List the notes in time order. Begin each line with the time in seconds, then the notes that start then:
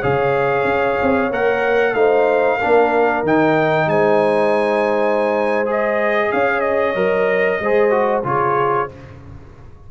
0.00 C#3 G#4 C#5 F5
0.64 C#4
1.02 C4
1.31 A#3 A#4 F#5
1.94 A3 D#4 C5 F5
2.57 D4 A#4
2.64 A#3
3.23 D#3 D#4 G5
3.86 G#3 C5 G#5
5.65 G#4 D#5
6.32 C#4 C#5 F5
6.60 D#5
6.95 F#3 A#4
7.60 G#3 G#4 C5
7.90 F#4
8.23 C#3 F4 G#4 C#5